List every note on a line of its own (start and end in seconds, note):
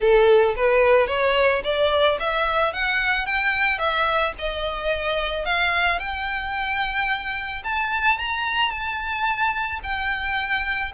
0.00 0.55 A4
0.56 1.07 B4
1.07 1.61 C#5
1.64 2.18 D5
2.19 2.73 E5
2.73 3.26 F#5
3.26 3.78 G5
3.78 4.32 E5
4.38 5.45 D#5
5.45 5.99 F5
5.99 7.62 G5
7.64 8.18 A5
8.18 8.70 A#5
8.70 9.79 A5
9.83 10.92 G5